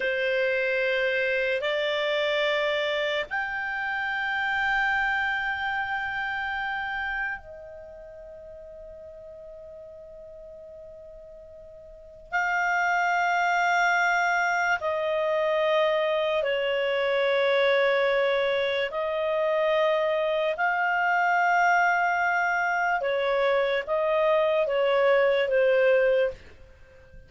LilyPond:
\new Staff \with { instrumentName = "clarinet" } { \time 4/4 \tempo 4 = 73 c''2 d''2 | g''1~ | g''4 dis''2.~ | dis''2. f''4~ |
f''2 dis''2 | cis''2. dis''4~ | dis''4 f''2. | cis''4 dis''4 cis''4 c''4 | }